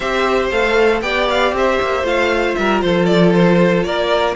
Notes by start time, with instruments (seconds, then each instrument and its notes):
0.00 cello C4, viola G4, violin C5 E5
0.51 cello A3, viola A4, violin F5
1.01 cello B3, viola G4, violin D5 G5
1.29 violin F5
1.52 cello C4, violin C5 E5
1.81 cello A#3
2.03 cello A3, viola F4, violin F5
2.54 cello G3, violin A#4 E5
2.81 cello F3, violin A4 C5
3.05 violin D5
3.34 violin C5
3.83 cello A#3, violin A#4 D5